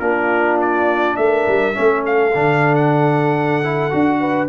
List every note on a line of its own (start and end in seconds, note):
0.00 1.16 A#3
0.00 1.74 D4
0.00 1.18 F4
0.00 0.58 A#4
0.62 1.16 D5
1.16 1.47 A3
1.16 1.78 A#4
1.16 2.03 E5
1.48 1.77 G3
1.74 2.35 A3
1.74 2.32 C#4
1.74 4.20 A4
2.06 2.75 F5
2.35 3.94 D3
2.35 3.64 D4
2.75 4.49 F#5
3.64 3.91 E4
3.91 4.49 D4
3.91 4.49 F#4
4.20 4.49 B4